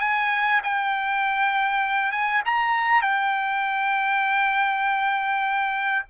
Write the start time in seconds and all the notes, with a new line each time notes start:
0.00 G#5
0.63 G5
2.12 G#5
2.45 A#5
3.02 G5